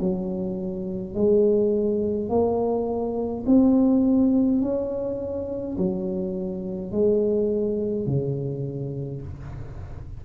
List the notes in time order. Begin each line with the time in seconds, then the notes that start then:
0.00 F#3
1.15 G#3
2.30 A#3
3.47 C4
4.62 C#4
5.78 F#3
6.92 G#3
8.07 C#3